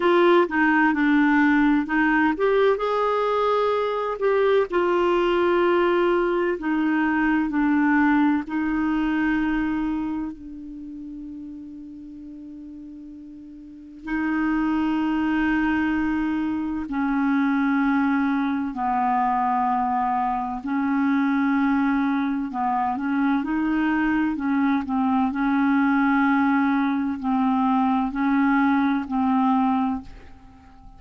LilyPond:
\new Staff \with { instrumentName = "clarinet" } { \time 4/4 \tempo 4 = 64 f'8 dis'8 d'4 dis'8 g'8 gis'4~ | gis'8 g'8 f'2 dis'4 | d'4 dis'2 d'4~ | d'2. dis'4~ |
dis'2 cis'2 | b2 cis'2 | b8 cis'8 dis'4 cis'8 c'8 cis'4~ | cis'4 c'4 cis'4 c'4 | }